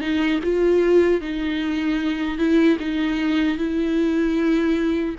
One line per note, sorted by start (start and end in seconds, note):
0.00 0.39 D#4
0.43 1.21 F4
1.21 2.38 D#4
2.38 2.77 E4
2.79 3.57 D#4
3.57 5.15 E4